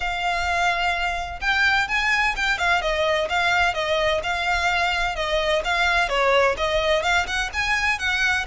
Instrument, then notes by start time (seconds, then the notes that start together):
violin
0.00 F5
1.41 G5
1.88 G#5
2.36 G5
2.58 F5
2.81 D#5
3.29 F5
3.74 D#5
4.23 F5
5.15 D#5
5.64 F5
6.08 C#5
6.57 D#5
7.02 F5
7.26 F#5
7.53 G#5
7.98 F#5